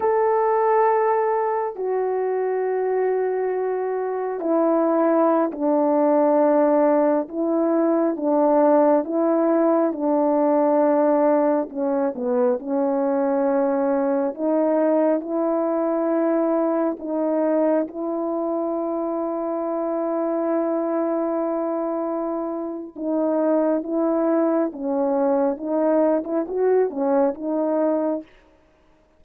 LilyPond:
\new Staff \with { instrumentName = "horn" } { \time 4/4 \tempo 4 = 68 a'2 fis'2~ | fis'4 e'4~ e'16 d'4.~ d'16~ | d'16 e'4 d'4 e'4 d'8.~ | d'4~ d'16 cis'8 b8 cis'4.~ cis'16~ |
cis'16 dis'4 e'2 dis'8.~ | dis'16 e'2.~ e'8.~ | e'2 dis'4 e'4 | cis'4 dis'8. e'16 fis'8 cis'8 dis'4 | }